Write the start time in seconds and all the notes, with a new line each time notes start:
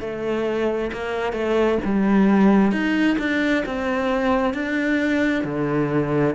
0.00 A3
0.92 A#3
1.33 A3
1.85 G3
2.71 D#4
3.18 D4
3.66 C4
4.54 D4
5.44 D3